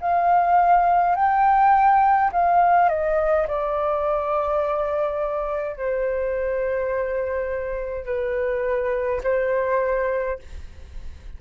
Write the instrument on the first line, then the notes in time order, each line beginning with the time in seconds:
flute
0.00 F5
1.15 G5
2.32 F5
2.88 D#5
3.47 D5
5.76 C5
8.06 B4
9.23 C5